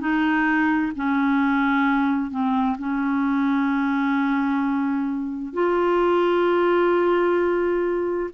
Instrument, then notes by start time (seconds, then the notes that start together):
clarinet
0.00 D#4
0.96 C#4
2.30 C4
2.78 C#4
5.53 F4